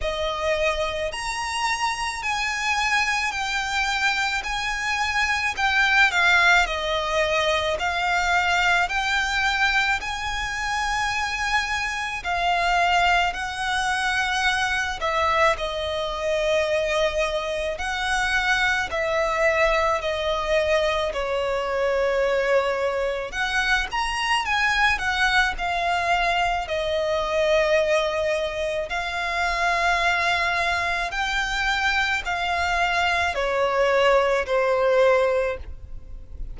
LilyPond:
\new Staff \with { instrumentName = "violin" } { \time 4/4 \tempo 4 = 54 dis''4 ais''4 gis''4 g''4 | gis''4 g''8 f''8 dis''4 f''4 | g''4 gis''2 f''4 | fis''4. e''8 dis''2 |
fis''4 e''4 dis''4 cis''4~ | cis''4 fis''8 ais''8 gis''8 fis''8 f''4 | dis''2 f''2 | g''4 f''4 cis''4 c''4 | }